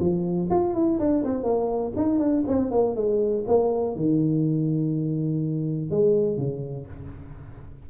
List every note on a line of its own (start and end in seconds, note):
0.00 0.49 F3
0.50 0.74 F4
0.74 0.99 E4
0.99 1.24 D4
1.24 1.44 C4
1.44 1.93 A#3
1.96 2.19 D#4
2.19 2.44 D4
2.47 2.71 C4
2.71 2.96 A#3
2.96 3.45 G#3
3.47 3.96 A#3
3.96 5.91 D#3
5.91 6.38 G#3
6.38 6.87 C#3